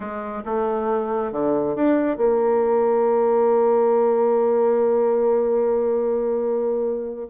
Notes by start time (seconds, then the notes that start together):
0.00 G#3
0.45 A3
1.32 D3
1.75 D4
2.17 A#3